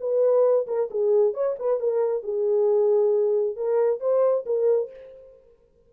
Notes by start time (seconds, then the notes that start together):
0.00 B4
0.67 A#4
0.91 G#4
1.34 C#5
1.59 B4
1.79 A#4
2.23 G#4
3.56 A#4
4.00 C5
4.46 A#4